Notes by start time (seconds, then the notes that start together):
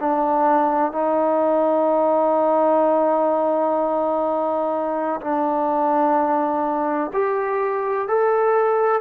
0.00 D4
0.92 D#4
5.21 D4
7.13 G4
8.08 A4